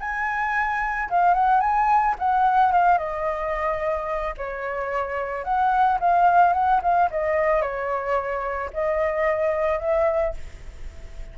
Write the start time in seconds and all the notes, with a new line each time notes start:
0.00 G#5
1.10 F5
1.34 F#5
1.60 G#5
2.19 F#5
2.72 F5
2.98 D#5
4.37 C#5
5.44 F#5
6.00 F5
6.53 F#5
6.82 F5
7.11 D#5
7.61 C#5
8.73 D#5
9.80 E5